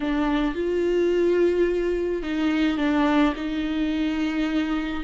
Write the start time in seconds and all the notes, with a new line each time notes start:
0.00 D4
0.54 F4
2.22 D#4
2.77 D4
3.35 D#4